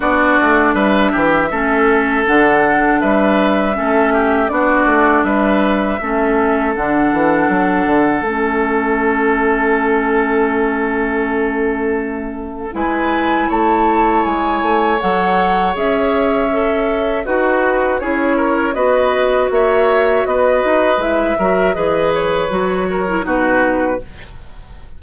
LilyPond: <<
  \new Staff \with { instrumentName = "flute" } { \time 4/4 \tempo 4 = 80 d''4 e''2 fis''4 | e''2 d''4 e''4~ | e''4 fis''2 e''4~ | e''1~ |
e''4 gis''4 a''4 gis''4 | fis''4 e''2 b'4 | cis''4 dis''4 e''4 dis''4 | e''4 dis''8 cis''4. b'4 | }
  \new Staff \with { instrumentName = "oboe" } { \time 4/4 fis'4 b'8 g'8 a'2 | b'4 a'8 g'8 fis'4 b'4 | a'1~ | a'1~ |
a'4 b'4 cis''2~ | cis''2. fis'4 | gis'8 ais'8 b'4 cis''4 b'4~ | b'8 ais'8 b'4. ais'8 fis'4 | }
  \new Staff \with { instrumentName = "clarinet" } { \time 4/4 d'2 cis'4 d'4~ | d'4 cis'4 d'2 | cis'4 d'2 cis'4~ | cis'1~ |
cis'4 e'2. | a'4 gis'4 a'4 fis'4 | e'4 fis'2. | e'8 fis'8 gis'4 fis'8. e'16 dis'4 | }
  \new Staff \with { instrumentName = "bassoon" } { \time 4/4 b8 a8 g8 e8 a4 d4 | g4 a4 b8 a8 g4 | a4 d8 e8 fis8 d8 a4~ | a1~ |
a4 gis4 a4 gis8 a8 | fis4 cis'2 dis'4 | cis'4 b4 ais4 b8 dis'8 | gis8 fis8 e4 fis4 b,4 | }
>>